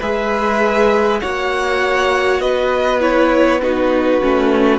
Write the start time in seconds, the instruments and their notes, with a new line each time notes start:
0.00 cello G#3, viola G#4, violin B4 E5
1.21 cello A#3, viola F#4, violin C#5 F#5
2.40 cello B3, violin B4 D#5
3.00 viola E4, violin C#5
3.62 viola D#4, violin F#4 B4
4.22 cello A3, viola C#4